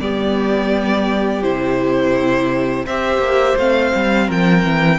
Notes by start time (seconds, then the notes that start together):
0.00 G3 B3 G4 D5
1.43 C3 E4 C5
2.85 C4 G4 C5 E5
3.19 A#3
3.57 A3 C4 F5
3.95 G3
4.27 F3 A#4 G5
4.64 E3